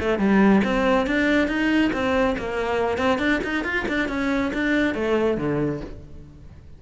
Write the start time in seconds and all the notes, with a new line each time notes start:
0.00 A3
0.19 G3
0.64 C4
1.07 D4
1.48 D#4
1.93 C4
2.38 A#3
2.98 C4
3.19 D4
3.44 D#4
3.65 F4
3.88 D4
4.09 C#4
4.54 D4
4.95 A3
5.38 D3